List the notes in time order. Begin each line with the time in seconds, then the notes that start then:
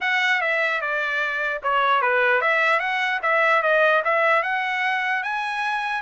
0.00 F#5
0.41 E5
0.81 D5
1.63 C#5
2.01 B4
2.41 E5
2.79 F#5
3.22 E5
3.62 D#5
4.04 E5
4.43 F#5
5.23 G#5